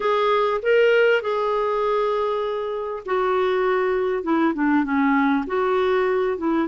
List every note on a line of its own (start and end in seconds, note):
0.00 0.61 G#4
0.62 1.21 A#4
1.21 3.03 G#4
3.05 4.23 F#4
4.23 4.53 E4
4.54 4.84 D4
4.84 5.44 C#4
5.46 6.37 F#4
6.37 6.67 E4